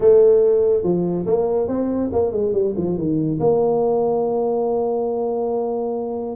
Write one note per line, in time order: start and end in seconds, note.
0.00 0.83 A3
0.83 1.25 F3
1.26 1.68 A#3
1.68 2.10 C4
2.12 2.32 A#3
2.32 2.53 G#3
2.53 2.74 G3
2.77 2.97 F3
2.97 3.39 D#3
3.39 6.35 A#3